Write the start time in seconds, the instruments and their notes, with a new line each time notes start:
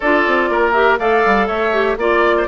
0.00 bassoon D4, clarinet F4, oboe A4, flute D5
0.26 bassoon C4
0.49 bassoon A#3, oboe A#4
0.72 clarinet G4, flute E5
0.99 bassoon A3, clarinet A4, oboe D5, flute F5
1.25 bassoon G3
1.47 bassoon A3, oboe C#5, flute E5
1.72 clarinet G4
1.96 bassoon A#3, clarinet F4, oboe D5, flute D5
2.37 oboe C5